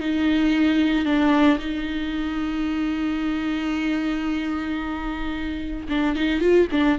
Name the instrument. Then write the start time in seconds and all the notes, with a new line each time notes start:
viola
0.00 D#4
1.05 D4
1.59 D#4
5.89 D4
6.15 D#4
6.41 F4
6.72 D4